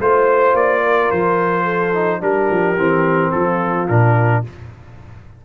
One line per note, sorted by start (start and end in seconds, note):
0.00 0.54 A3
0.00 1.95 F4
0.00 0.56 C5
0.00 0.82 C5
0.54 1.10 A#3
0.54 1.11 D5
0.82 1.65 A#4
1.11 2.22 F3
1.11 2.22 C5
1.65 2.20 A4
1.95 2.21 D#4
2.21 2.50 G3
2.21 2.77 D4
2.21 3.32 G4
2.21 3.32 A#4
2.51 2.78 F3
2.78 3.33 E3
2.78 3.89 C4
3.32 3.90 F3
3.32 4.43 F4
3.32 3.88 A4
3.88 4.45 A#2
3.88 4.45 D4
3.88 4.44 A#4